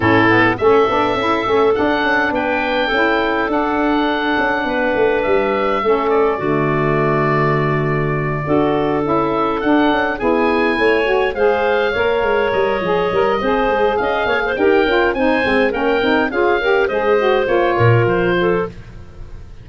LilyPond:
<<
  \new Staff \with { instrumentName = "oboe" } { \time 4/4 \tempo 4 = 103 a'4 e''2 fis''4 | g''2 fis''2~ | fis''4 e''4. d''4.~ | d''2.~ d''8 e''8~ |
e''8 fis''4 gis''2 f''8~ | f''4. dis''2~ dis''8 | f''4 g''4 gis''4 g''4 | f''4 dis''4 cis''4 c''4 | }
  \new Staff \with { instrumentName = "clarinet" } { \time 4/4 e'4 a'2. | b'4 a'2. | b'2 a'4 fis'4~ | fis'2~ fis'8 a'4.~ |
a'4. gis'4 cis''4 c''8~ | c''8 cis''2~ cis''8 c''4 | dis''8 cis''16 c''16 ais'4 c''4 ais'4 | gis'8 ais'8 c''4. ais'4 a'8 | }
  \new Staff \with { instrumentName = "saxophone" } { \time 4/4 cis'8 b8 cis'8 d'8 e'8 cis'8 d'4~ | d'4 e'4 d'2~ | d'2 cis'4 a4~ | a2~ a8 fis'4 e'8~ |
e'8 d'4 e'4. fis'8 gis'8~ | gis'8 ais'4. gis'8 ais'8 gis'4~ | gis'4 g'8 f'8 dis'8 c'8 cis'8 dis'8 | f'8 g'8 gis'8 fis'8 f'2 | }
  \new Staff \with { instrumentName = "tuba" } { \time 4/4 a,4 a8 b8 cis'8 a8 d'8 cis'8 | b4 cis'4 d'4. cis'8 | b8 a8 g4 a4 d4~ | d2~ d8 d'4 cis'8~ |
cis'8 d'8 cis'8 b4 a4 gis8~ | gis8 ais8 gis8 g8 f8 g8 c'8 gis8 | cis'8 ais8 dis'8 cis'8 c'8 gis8 ais8 c'8 | cis'4 gis4 ais8 ais,8 f4 | }
>>